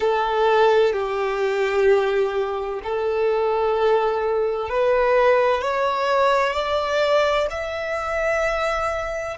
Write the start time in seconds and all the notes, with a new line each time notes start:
0.00 A4
0.92 G4
2.83 A4
4.69 B4
5.61 C#5
6.53 D5
7.50 E5